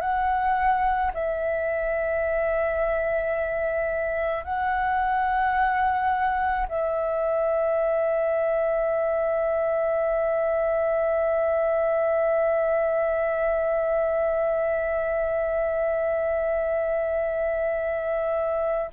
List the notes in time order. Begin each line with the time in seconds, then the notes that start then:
0.00 F#5
1.14 E5
4.44 F#5
6.68 E5